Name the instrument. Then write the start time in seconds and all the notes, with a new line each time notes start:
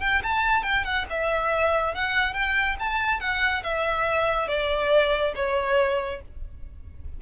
violin
0.00 G5
0.23 A5
0.63 G5
0.84 F#5
1.09 E5
1.94 F#5
2.33 G5
2.79 A5
3.20 F#5
3.63 E5
4.47 D5
5.35 C#5